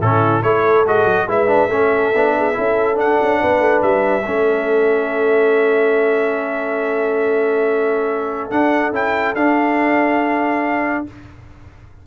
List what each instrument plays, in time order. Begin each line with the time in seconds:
0.00 tuba A2, trombone C#4, horn E4, trumpet A4
0.43 tuba A3, trombone E4, horn A4, trumpet C#5
0.85 tuba G#3, trombone F#4, trumpet D#5
1.05 tuba F#3
1.27 tuba G#3, trombone E4, horn B4, trumpet E5
1.48 trombone D4
1.68 tuba A3, trombone C#4, horn A4
2.15 tuba B3, trombone D4
2.38 horn G#4
2.54 tuba C#4, trombone E4, horn A4
2.95 trombone D4, tuba D4, trumpet F#5
3.22 tuba C#4
3.41 tuba B3, horn B4
3.61 tuba A3
3.82 tuba G3, trumpet E5
4.26 tuba A3, trombone C#4, horn A4
8.51 trombone D4, tuba D4, trumpet F#5
8.92 tuba C#4, trombone E4, trumpet G5
9.35 tuba D4, trombone D4, trumpet F5